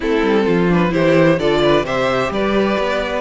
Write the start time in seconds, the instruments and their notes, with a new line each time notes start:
0.00 cello A3, viola C4, violin E4 A4
0.22 cello G3
0.45 cello F3, violin F4
0.69 viola D4, violin B4
0.89 cello E3, viola E4, violin G4 C5
1.38 cello D3, viola F4, violin A4 D5
1.63 violin B4
1.83 cello C3, viola G4, violin C5 E5
2.30 cello G3, violin B4 D5
2.78 cello B3